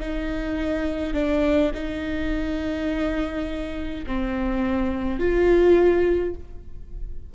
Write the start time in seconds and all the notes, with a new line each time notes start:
0.00 D#4
1.14 D4
1.75 D#4
4.07 C4
5.20 F4